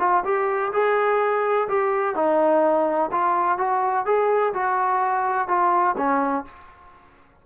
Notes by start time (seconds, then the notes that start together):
0.00 F4
0.25 G4
0.73 G#4
1.68 G4
2.15 D#4
3.12 F4
3.58 F#4
4.06 G#4
4.54 F#4
5.48 F4
5.97 C#4